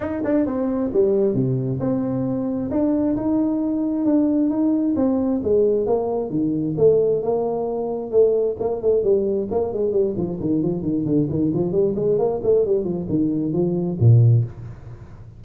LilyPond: \new Staff \with { instrumentName = "tuba" } { \time 4/4 \tempo 4 = 133 dis'8 d'8 c'4 g4 c4 | c'2 d'4 dis'4~ | dis'4 d'4 dis'4 c'4 | gis4 ais4 dis4 a4 |
ais2 a4 ais8 a8 | g4 ais8 gis8 g8 f8 dis8 f8 | dis8 d8 dis8 f8 g8 gis8 ais8 a8 | g8 f8 dis4 f4 ais,4 | }